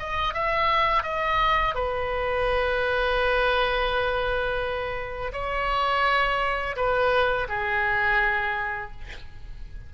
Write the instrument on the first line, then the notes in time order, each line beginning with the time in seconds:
oboe
0.00 D#5
0.34 E5
1.04 D#5
1.75 B4
5.33 C#5
6.77 B4
7.49 G#4